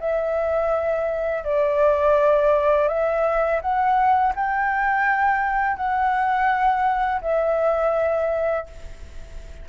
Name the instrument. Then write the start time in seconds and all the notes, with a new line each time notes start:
flute
0.00 E5
1.44 D5
2.88 E5
3.61 F#5
4.35 G5
5.77 F#5
7.22 E5